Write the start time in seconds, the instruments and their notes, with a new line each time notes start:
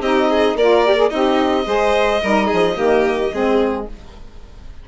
0.00 bassoon C4, saxophone D#4, violin G4 D#5
0.30 violin G#4
0.55 bassoon A#3, saxophone F4, violin A#4 D5
0.86 saxophone G4
0.96 saxophone G#4
1.10 bassoon C4, violin D#4 D#5, saxophone G4
1.65 bassoon G#3, saxophone G#4, violin C5
2.22 bassoon G3, saxophone D#4, violin A#4
2.47 violin G#4
2.53 bassoon F3
2.73 bassoon D#3, saxophone A#3, violin G4
3.33 bassoon G#3, saxophone C4, violin G#4